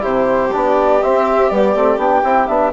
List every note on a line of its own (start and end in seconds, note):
0.00 0.53 C3
0.00 0.49 E4
0.00 2.72 G4
0.00 0.53 C5
0.52 1.03 B3
0.52 1.01 D4
0.52 1.02 D5
1.02 1.50 C4
1.02 1.51 C4
1.02 1.49 E5
1.49 1.75 G3
1.49 1.75 B3
1.49 1.99 D5
1.75 1.97 A3
1.75 1.98 C4
1.97 2.22 B3
1.97 2.23 D4
1.97 2.47 G5
2.23 2.48 C4
2.23 2.48 E4
2.47 2.72 B3
2.47 2.72 D4
2.47 2.72 E5